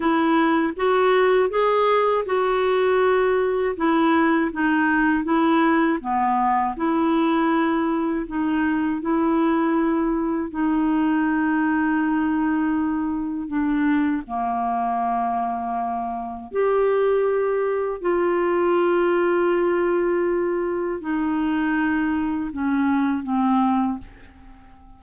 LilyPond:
\new Staff \with { instrumentName = "clarinet" } { \time 4/4 \tempo 4 = 80 e'4 fis'4 gis'4 fis'4~ | fis'4 e'4 dis'4 e'4 | b4 e'2 dis'4 | e'2 dis'2~ |
dis'2 d'4 ais4~ | ais2 g'2 | f'1 | dis'2 cis'4 c'4 | }